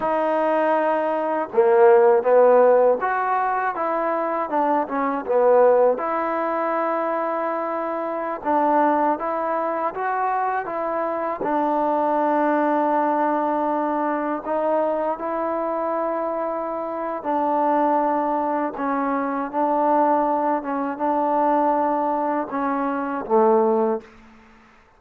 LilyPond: \new Staff \with { instrumentName = "trombone" } { \time 4/4 \tempo 4 = 80 dis'2 ais4 b4 | fis'4 e'4 d'8 cis'8 b4 | e'2.~ e'16 d'8.~ | d'16 e'4 fis'4 e'4 d'8.~ |
d'2.~ d'16 dis'8.~ | dis'16 e'2~ e'8. d'4~ | d'4 cis'4 d'4. cis'8 | d'2 cis'4 a4 | }